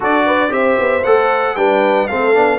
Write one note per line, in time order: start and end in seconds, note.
0.00 0.50 D4
0.00 0.49 F#4
0.00 0.25 A4
0.00 0.52 D5
0.25 0.52 B4
0.49 0.76 C4
0.49 1.01 G4
0.49 1.56 C5
0.49 1.03 E5
0.79 1.04 B3
1.03 1.55 A3
1.03 1.56 A4
1.03 1.55 F#5
1.55 2.08 G3
1.55 2.09 D4
1.55 2.08 B4
1.55 2.07 G5
2.07 2.36 A3
2.07 2.34 C4
2.07 2.58 A4
2.07 2.58 F5
2.34 2.58 B3
2.34 2.58 D4